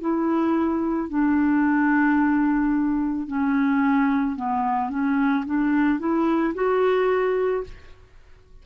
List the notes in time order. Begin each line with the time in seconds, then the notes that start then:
0.00 E4
1.09 D4
3.27 C#4
4.36 B3
4.89 C#4
5.45 D4
5.99 E4
6.54 F#4